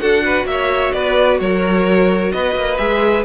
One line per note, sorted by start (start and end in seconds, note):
0.00 0.45 D4
0.00 2.77 F#4
0.00 0.24 A4
0.00 0.47 F#5
0.25 0.48 B4
0.45 0.92 A#3
0.45 0.93 E5
0.52 0.94 C#5
0.93 1.40 B3
0.93 1.41 B4
0.93 1.39 D5
1.40 2.33 F#3
1.40 2.34 A#4
1.40 2.32 C#5
2.32 2.56 B3
2.32 3.25 B4
2.32 2.77 D#5
2.56 2.79 A#3
2.77 3.25 G#3
2.77 3.24 G#4
2.77 3.24 E5